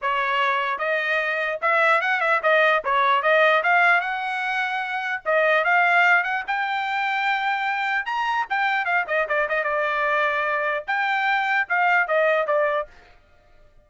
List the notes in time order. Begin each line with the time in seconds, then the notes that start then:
0.01 C#5
0.78 D#5
1.61 E5
2.01 F#5
2.20 E5
2.42 D#5
2.84 C#5
3.22 D#5
3.63 F5
4.00 F#5
5.25 D#5
5.64 F5
6.23 F#5
6.47 G5
8.05 A#5
8.49 G5
8.85 F5
9.07 D#5
9.28 D5
9.48 D#5
9.63 D5
10.87 G5
11.69 F5
12.07 D#5
12.46 D5